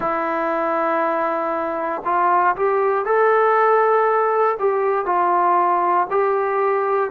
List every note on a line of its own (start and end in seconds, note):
0.00 2.02 E4
2.04 2.55 F4
2.56 3.05 G4
3.05 4.57 A4
4.59 5.05 G4
5.05 6.07 F4
6.10 7.10 G4